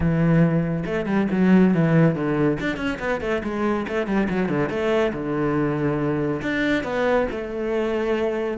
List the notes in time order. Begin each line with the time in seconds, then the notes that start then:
0.00 E3
0.85 A3
1.06 G3
1.31 F#3
1.74 E3
2.15 D3
2.59 D4
2.76 C#4
2.99 B3
3.20 A3
3.43 G#3
3.87 A3
4.06 G3
4.29 F#3
4.49 D3
4.69 A3
5.13 D3
6.42 D4
6.83 B3
7.31 A3